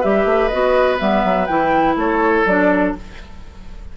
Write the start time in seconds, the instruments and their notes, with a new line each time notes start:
0.00 bassoon G3, clarinet G4, oboe B4, flute E5
0.25 bassoon A3
0.48 bassoon B3, clarinet F#4, flute D#5
0.98 bassoon G3, clarinet B3, flute E5
1.24 bassoon F#3
1.46 bassoon E3, clarinet E4, flute G5
1.96 bassoon A3, oboe A4, flute C#5
2.45 bassoon F#3, clarinet D4, flute D5